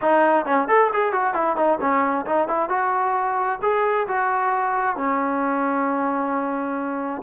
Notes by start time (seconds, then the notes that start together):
0.01 D#4
0.45 C#4
0.68 A4
0.93 G#4
1.12 F#4
1.34 E4
1.56 D#4
1.80 C#4
2.26 D#4
2.48 E4
2.69 F#4
3.62 G#4
4.07 F#4
4.96 C#4